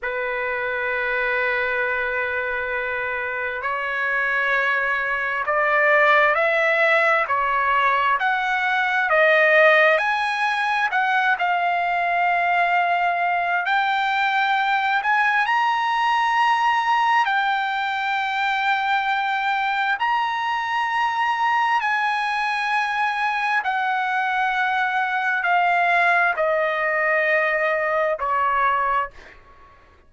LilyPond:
\new Staff \with { instrumentName = "trumpet" } { \time 4/4 \tempo 4 = 66 b'1 | cis''2 d''4 e''4 | cis''4 fis''4 dis''4 gis''4 | fis''8 f''2~ f''8 g''4~ |
g''8 gis''8 ais''2 g''4~ | g''2 ais''2 | gis''2 fis''2 | f''4 dis''2 cis''4 | }